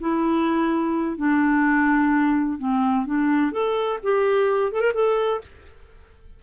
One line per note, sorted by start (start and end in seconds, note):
0.00 1.17 E4
1.17 2.58 D4
2.58 3.06 C4
3.06 3.51 D4
3.51 3.99 A4
4.03 4.72 G4
4.72 4.80 A4
4.80 4.92 A#4
4.94 5.41 A4